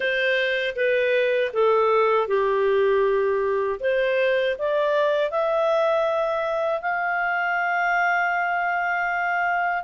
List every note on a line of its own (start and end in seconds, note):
0.00 0.74 C5
0.75 1.51 B4
1.53 2.28 A4
2.28 3.79 G4
3.80 4.56 C5
4.58 5.31 D5
5.31 6.81 E5
6.81 9.84 F5